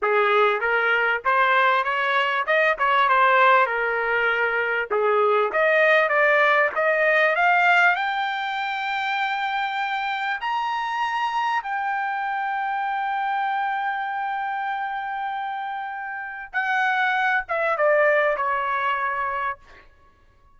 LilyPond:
\new Staff \with { instrumentName = "trumpet" } { \time 4/4 \tempo 4 = 98 gis'4 ais'4 c''4 cis''4 | dis''8 cis''8 c''4 ais'2 | gis'4 dis''4 d''4 dis''4 | f''4 g''2.~ |
g''4 ais''2 g''4~ | g''1~ | g''2. fis''4~ | fis''8 e''8 d''4 cis''2 | }